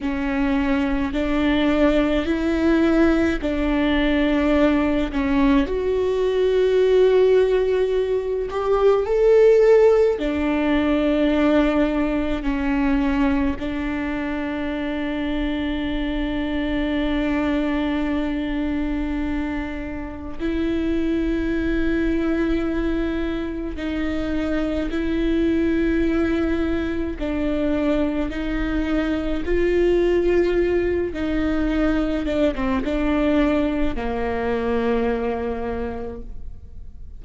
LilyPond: \new Staff \with { instrumentName = "viola" } { \time 4/4 \tempo 4 = 53 cis'4 d'4 e'4 d'4~ | d'8 cis'8 fis'2~ fis'8 g'8 | a'4 d'2 cis'4 | d'1~ |
d'2 e'2~ | e'4 dis'4 e'2 | d'4 dis'4 f'4. dis'8~ | dis'8 d'16 c'16 d'4 ais2 | }